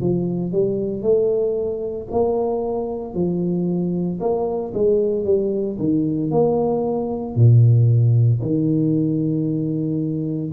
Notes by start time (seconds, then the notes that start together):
0.00 F3
0.52 G3
1.02 A3
2.11 A#3
3.14 F3
4.20 A#3
4.74 G#3
5.24 G3
5.78 D#3
6.31 A#3
7.35 A#2
8.42 D#3